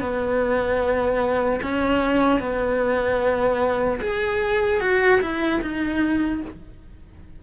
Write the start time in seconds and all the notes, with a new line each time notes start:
0.00 B3
1.63 C#4
2.40 B3
4.00 G#4
4.81 F#4
5.21 E4
5.61 D#4